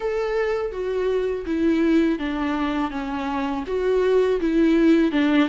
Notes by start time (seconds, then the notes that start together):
0.00 A4
0.72 F#4
1.45 E4
2.19 D4
2.90 C#4
3.67 F#4
4.40 E4
5.11 D4